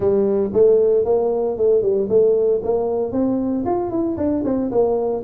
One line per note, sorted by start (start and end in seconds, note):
0.00 0.51 G3
0.53 1.04 A3
1.04 1.57 A#3
1.57 1.81 A3
1.81 2.08 G3
2.09 2.61 A3
2.63 3.12 A#3
3.12 3.64 C4
3.65 3.90 F4
3.90 4.16 E4
4.17 4.43 D4
4.44 4.70 C4
4.71 5.23 A#3